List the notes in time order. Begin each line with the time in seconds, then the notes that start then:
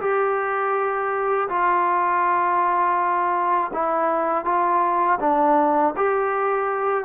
0.00 G4
1.48 F4
3.73 E4
4.44 F4
5.20 D4
5.96 G4